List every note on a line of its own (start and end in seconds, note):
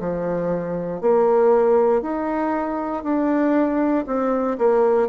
0.00 1.01 F3
1.01 2.02 A#3
2.02 3.04 D#4
3.04 4.05 D4
4.07 4.58 C4
4.58 5.08 A#3